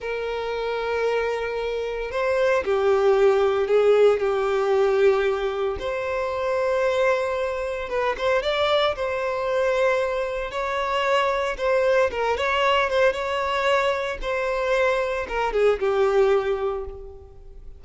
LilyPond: \new Staff \with { instrumentName = "violin" } { \time 4/4 \tempo 4 = 114 ais'1 | c''4 g'2 gis'4 | g'2. c''4~ | c''2. b'8 c''8 |
d''4 c''2. | cis''2 c''4 ais'8 cis''8~ | cis''8 c''8 cis''2 c''4~ | c''4 ais'8 gis'8 g'2 | }